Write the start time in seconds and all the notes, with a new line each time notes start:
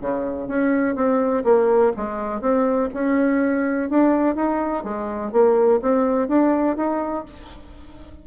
0.00 C#3
0.47 C#4
0.95 C4
1.44 A#3
1.96 G#3
2.41 C4
2.93 C#4
3.89 D4
4.35 D#4
4.83 G#3
5.32 A#3
5.81 C4
6.28 D4
6.76 D#4